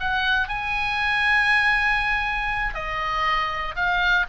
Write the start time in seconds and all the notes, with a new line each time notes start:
0.00 F#5
0.49 G#5
2.75 D#5
3.76 F5